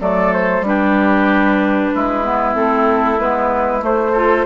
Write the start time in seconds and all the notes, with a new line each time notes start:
0.00 F#3 A3 A4 D5
0.33 C5
0.62 G3 D4 B4
0.68 G4
1.94 G#3 E4
2.24 B3
2.55 A3 C4 A4
3.20 G#3 B3 B4
3.80 A3 C5
4.13 F4 A4